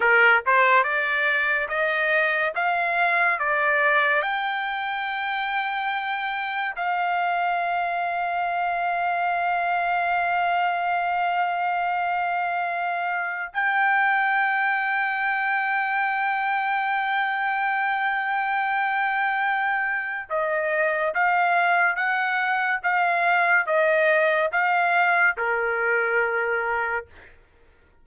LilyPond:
\new Staff \with { instrumentName = "trumpet" } { \time 4/4 \tempo 4 = 71 ais'8 c''8 d''4 dis''4 f''4 | d''4 g''2. | f''1~ | f''1 |
g''1~ | g''1 | dis''4 f''4 fis''4 f''4 | dis''4 f''4 ais'2 | }